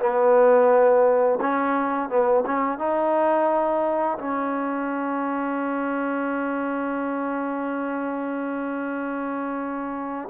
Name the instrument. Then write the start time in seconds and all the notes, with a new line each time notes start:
trombone
0.00 B3
1.41 C#4
2.10 B3
2.46 C#4
2.79 D#4
4.19 C#4